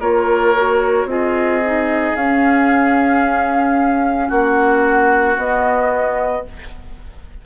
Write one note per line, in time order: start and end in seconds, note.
0.00 1.05 A#3
0.00 0.55 F4
0.00 1.07 A#4
0.00 1.08 C#5
0.56 1.08 F#4
1.05 2.12 C4
1.05 1.61 F4
1.05 4.28 G#4
1.05 2.16 D#5
1.65 2.17 D#4
2.15 4.30 C#4
2.15 5.37 C#4
2.15 4.30 F5
4.28 5.37 A#3
4.28 6.42 F#4
4.28 5.37 F#5
5.37 6.44 B3
5.37 6.46 D#5